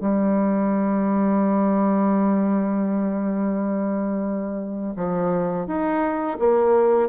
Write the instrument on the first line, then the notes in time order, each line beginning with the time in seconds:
bassoon
0.00 G3
4.96 F3
5.67 D#4
6.39 A#3